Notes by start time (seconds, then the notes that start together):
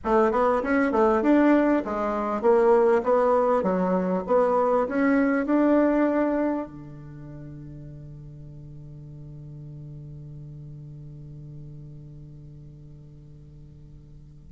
0.04 A3
0.31 B3
0.62 C#4
0.92 A3
1.22 D4
1.84 G#3
2.41 A#3
3.03 B3
3.62 F#3
4.26 B3
4.88 C#4
5.45 D4
6.67 D3